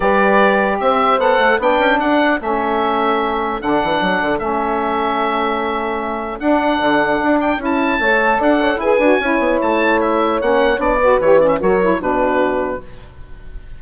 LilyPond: <<
  \new Staff \with { instrumentName = "oboe" } { \time 4/4 \tempo 4 = 150 d''2 e''4 fis''4 | g''4 fis''4 e''2~ | e''4 fis''2 e''4~ | e''1 |
fis''2~ fis''8 g''8 a''4~ | a''4 fis''4 gis''2 | a''4 e''4 fis''4 d''4 | cis''8 d''16 e''16 cis''4 b'2 | }
  \new Staff \with { instrumentName = "horn" } { \time 4/4 b'2 c''2 | b'4 a'2.~ | a'1~ | a'1~ |
a'1 | cis''4 d''8 cis''8 b'4 cis''4~ | cis''2.~ cis''8 b'8~ | b'4 ais'4 fis'2 | }
  \new Staff \with { instrumentName = "saxophone" } { \time 4/4 g'2. a'4 | d'2 cis'2~ | cis'4 d'2 cis'4~ | cis'1 |
d'2. e'4 | a'2 gis'8 fis'8 e'4~ | e'2 cis'4 d'8 fis'8 | g'8 cis'8 fis'8 e'8 d'2 | }
  \new Staff \with { instrumentName = "bassoon" } { \time 4/4 g2 c'4 b8 a8 | b8 cis'8 d'4 a2~ | a4 d8 e8 fis8 d8 a4~ | a1 |
d'4 d4 d'4 cis'4 | a4 d'4 e'8 d'8 cis'8 b8 | a2 ais4 b4 | e4 fis4 b,2 | }
>>